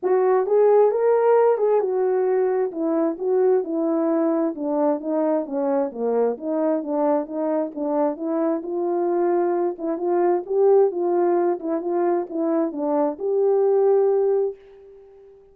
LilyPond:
\new Staff \with { instrumentName = "horn" } { \time 4/4 \tempo 4 = 132 fis'4 gis'4 ais'4. gis'8 | fis'2 e'4 fis'4 | e'2 d'4 dis'4 | cis'4 ais4 dis'4 d'4 |
dis'4 d'4 e'4 f'4~ | f'4. e'8 f'4 g'4 | f'4. e'8 f'4 e'4 | d'4 g'2. | }